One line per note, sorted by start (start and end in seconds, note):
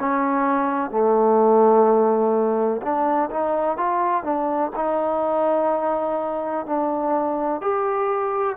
0.00 0.91 C#4
0.91 2.81 A3
2.82 3.30 D4
3.31 3.77 D#4
3.77 4.24 F4
4.24 4.71 D4
4.76 6.66 D#4
6.66 7.61 D4
7.61 8.57 G4